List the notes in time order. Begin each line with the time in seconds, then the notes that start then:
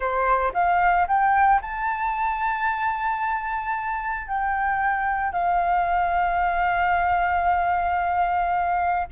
0.00 C5
0.53 F5
1.07 G5
1.61 A5
4.27 G5
5.32 F5